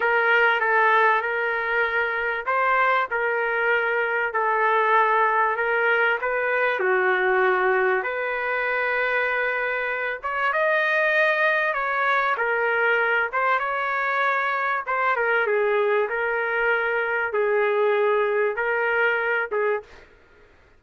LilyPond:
\new Staff \with { instrumentName = "trumpet" } { \time 4/4 \tempo 4 = 97 ais'4 a'4 ais'2 | c''4 ais'2 a'4~ | a'4 ais'4 b'4 fis'4~ | fis'4 b'2.~ |
b'8 cis''8 dis''2 cis''4 | ais'4. c''8 cis''2 | c''8 ais'8 gis'4 ais'2 | gis'2 ais'4. gis'8 | }